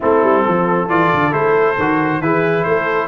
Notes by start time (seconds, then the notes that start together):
0.00 A3 C4 E4 A4
0.22 G3
0.42 F3 A4
0.88 E3 F4 D5
1.13 D3
1.31 A3 E4 C5
1.78 D#3 F#4
2.20 E3 E4 G#4 B4
2.63 A3 C5
2.70 A4